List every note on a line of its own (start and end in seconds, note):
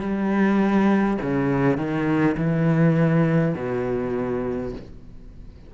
0.00 1.18 G3
1.22 1.78 C#3
1.78 2.36 D#3
2.37 3.55 E3
3.55 4.73 B2